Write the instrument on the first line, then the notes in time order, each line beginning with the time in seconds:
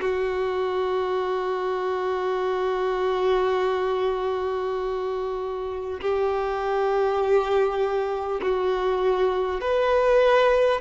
violin
0.00 F#4
6.00 G4
8.42 F#4
9.60 B4